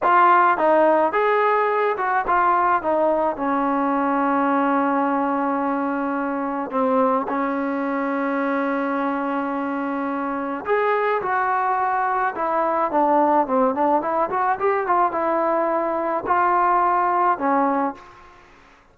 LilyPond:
\new Staff \with { instrumentName = "trombone" } { \time 4/4 \tempo 4 = 107 f'4 dis'4 gis'4. fis'8 | f'4 dis'4 cis'2~ | cis'1 | c'4 cis'2.~ |
cis'2. gis'4 | fis'2 e'4 d'4 | c'8 d'8 e'8 fis'8 g'8 f'8 e'4~ | e'4 f'2 cis'4 | }